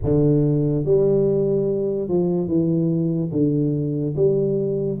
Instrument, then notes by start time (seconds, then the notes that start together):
tuba
0.03 D3
0.84 G3
2.08 F3
2.47 E3
3.31 D3
4.16 G3